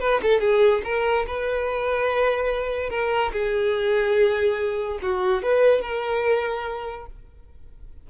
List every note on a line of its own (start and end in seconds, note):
0.00 0.21 B4
0.22 0.41 A4
0.41 0.82 G#4
0.84 1.26 A#4
1.27 2.90 B4
2.90 3.32 A#4
3.33 4.99 G#4
5.02 5.43 F#4
5.43 5.81 B4
5.81 7.06 A#4